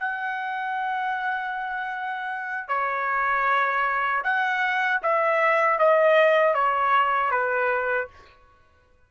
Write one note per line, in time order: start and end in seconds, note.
0.00 2.69 F#5
2.69 4.22 C#5
4.24 5.01 F#5
5.03 5.79 E5
5.79 6.54 D#5
6.54 7.31 C#5
7.31 8.08 B4